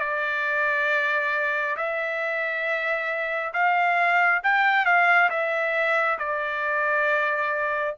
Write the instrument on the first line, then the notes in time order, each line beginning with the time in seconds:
trumpet
0.00 D5
1.76 E5
3.53 F5
4.44 G5
4.85 F5
5.30 E5
6.18 D5